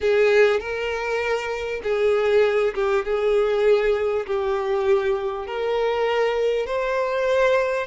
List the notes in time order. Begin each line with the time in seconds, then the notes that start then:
0.01 G#4
0.60 A#4
1.83 G#4
2.74 G4
3.04 G#4
4.26 G4
5.47 A#4
6.66 C5